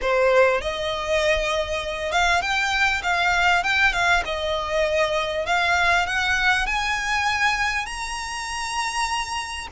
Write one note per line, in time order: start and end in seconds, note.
0.01 0.61 C5
0.61 2.12 D#5
2.12 2.41 F5
2.41 3.02 G5
3.02 3.63 F5
3.63 3.92 G5
3.92 4.23 F5
4.25 5.45 D#5
5.45 6.06 F5
6.06 6.66 F#5
6.66 7.85 G#5
7.85 9.67 A#5